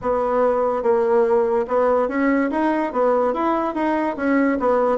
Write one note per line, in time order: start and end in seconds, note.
0.02 0.82 B3
0.82 1.66 A#3
1.67 2.08 B3
2.08 2.50 C#4
2.50 2.92 D#4
2.92 3.33 B3
3.33 3.74 E4
3.74 4.16 D#4
4.16 4.58 C#4
4.59 4.98 B3